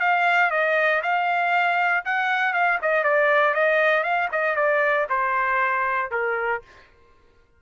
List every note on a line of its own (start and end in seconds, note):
0.00 0.51 F5
0.51 1.02 D#5
1.03 2.05 F5
2.05 2.54 F#5
2.54 2.79 F5
2.82 3.04 D#5
3.04 3.55 D5
3.55 4.04 D#5
4.04 4.29 F5
4.32 4.56 D#5
4.56 5.07 D5
5.10 6.12 C5
6.12 6.62 A#4